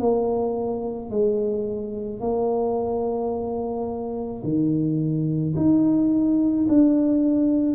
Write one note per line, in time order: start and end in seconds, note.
0.00 1.11 A#3
1.11 2.21 G#3
2.21 4.43 A#3
4.44 5.55 D#3
5.57 6.68 D#4
6.69 7.76 D4